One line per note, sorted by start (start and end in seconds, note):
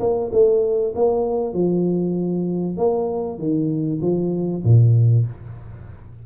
0.00 0.31 A#3
0.32 0.94 A3
0.96 1.54 A#3
1.54 2.77 F3
2.77 3.39 A#3
3.39 4.00 D#3
4.01 4.63 F3
4.64 5.26 A#2